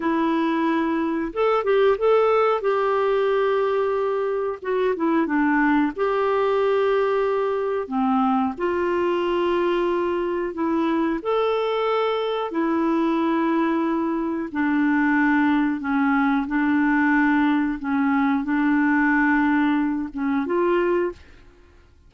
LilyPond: \new Staff \with { instrumentName = "clarinet" } { \time 4/4 \tempo 4 = 91 e'2 a'8 g'8 a'4 | g'2. fis'8 e'8 | d'4 g'2. | c'4 f'2. |
e'4 a'2 e'4~ | e'2 d'2 | cis'4 d'2 cis'4 | d'2~ d'8 cis'8 f'4 | }